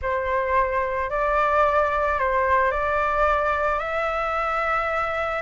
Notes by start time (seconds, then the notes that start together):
0.02 C5
1.10 D5
2.19 C5
2.71 D5
3.79 E5